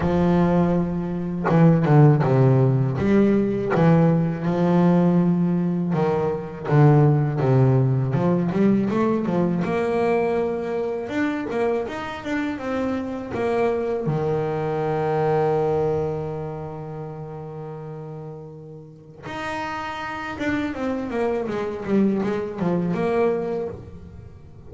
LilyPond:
\new Staff \with { instrumentName = "double bass" } { \time 4/4 \tempo 4 = 81 f2 e8 d8 c4 | g4 e4 f2 | dis4 d4 c4 f8 g8 | a8 f8 ais2 d'8 ais8 |
dis'8 d'8 c'4 ais4 dis4~ | dis1~ | dis2 dis'4. d'8 | c'8 ais8 gis8 g8 gis8 f8 ais4 | }